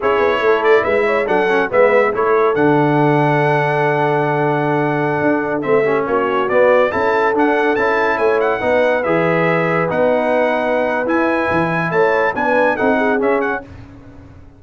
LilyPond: <<
  \new Staff \with { instrumentName = "trumpet" } { \time 4/4 \tempo 4 = 141 cis''4. d''8 e''4 fis''4 | e''4 cis''4 fis''2~ | fis''1~ | fis''4~ fis''16 e''4 cis''4 d''8.~ |
d''16 a''4 fis''4 a''4 gis''8 fis''16~ | fis''4~ fis''16 e''2 fis''8.~ | fis''2 gis''2 | a''4 gis''4 fis''4 e''8 fis''8 | }
  \new Staff \with { instrumentName = "horn" } { \time 4/4 gis'4 a'4 b'8 cis''8 a'4 | b'4 a'2.~ | a'1~ | a'4.~ a'16 g'8 fis'4.~ fis'16~ |
fis'16 a'2. cis''8.~ | cis''16 b'2.~ b'8.~ | b'1 | cis''4 b'4 a'8 gis'4. | }
  \new Staff \with { instrumentName = "trombone" } { \time 4/4 e'2. d'8 cis'8 | b4 e'4 d'2~ | d'1~ | d'4~ d'16 c'8 cis'4. b8.~ |
b16 e'4 d'4 e'4.~ e'16~ | e'16 dis'4 gis'2 dis'8.~ | dis'2 e'2~ | e'4 d'4 dis'4 cis'4 | }
  \new Staff \with { instrumentName = "tuba" } { \time 4/4 cis'8 b8 a4 gis4 fis4 | gis4 a4 d2~ | d1~ | d16 d'4 a4 ais4 b8.~ |
b16 cis'4 d'4 cis'4 a8.~ | a16 b4 e2 b8.~ | b2 e'4 e4 | a4 b4 c'4 cis'4 | }
>>